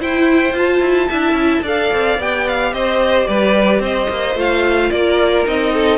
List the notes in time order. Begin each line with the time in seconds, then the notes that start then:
0.00 E4 C5 G5
0.53 F4 A5
0.81 E4
1.09 D4 E4 E5
1.33 C#4
1.62 D4 A4 D5 F5
1.94 C4
2.19 B3 G4 G5
2.48 F5
2.73 C4 C5 D#5
3.27 G3 B4 D5
3.80 C4 C5 D#5
4.10 A#3
4.35 A3 F4 F5
4.91 A#3 A#4 D5
5.45 C4 D#4 D#5
5.74 A4